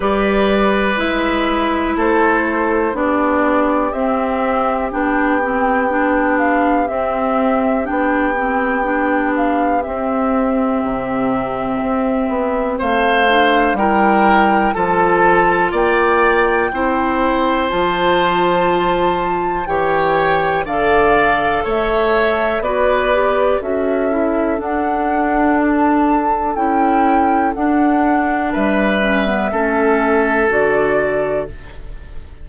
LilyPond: <<
  \new Staff \with { instrumentName = "flute" } { \time 4/4 \tempo 4 = 61 d''4 e''4 c''4 d''4 | e''4 g''4. f''8 e''4 | g''4. f''8 e''2~ | e''4 f''4 g''4 a''4 |
g''2 a''2 | g''4 f''4 e''4 d''4 | e''4 fis''4 a''4 g''4 | fis''4 e''2 d''4 | }
  \new Staff \with { instrumentName = "oboe" } { \time 4/4 b'2 a'4 g'4~ | g'1~ | g'1~ | g'4 c''4 ais'4 a'4 |
d''4 c''2. | cis''4 d''4 cis''4 b'4 | a'1~ | a'4 b'4 a'2 | }
  \new Staff \with { instrumentName = "clarinet" } { \time 4/4 g'4 e'2 d'4 | c'4 d'8 c'8 d'4 c'4 | d'8 c'8 d'4 c'2~ | c'4. d'8 e'4 f'4~ |
f'4 e'4 f'2 | g'4 a'2 fis'8 g'8 | fis'8 e'8 d'2 e'4 | d'4. cis'16 b16 cis'4 fis'4 | }
  \new Staff \with { instrumentName = "bassoon" } { \time 4/4 g4 gis4 a4 b4 | c'4 b2 c'4 | b2 c'4 c4 | c'8 b8 a4 g4 f4 |
ais4 c'4 f2 | e4 d4 a4 b4 | cis'4 d'2 cis'4 | d'4 g4 a4 d4 | }
>>